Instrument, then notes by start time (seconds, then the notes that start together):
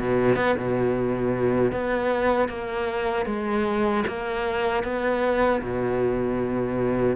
cello
0.00 B2
0.36 B3
0.58 B2
1.72 B3
2.49 A#3
3.27 G#3
4.07 A#3
4.84 B3
5.62 B2